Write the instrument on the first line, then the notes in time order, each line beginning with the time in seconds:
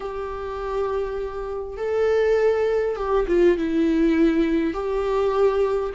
viola
0.00 G4
1.77 A4
2.96 G4
3.27 F4
3.57 E4
4.73 G4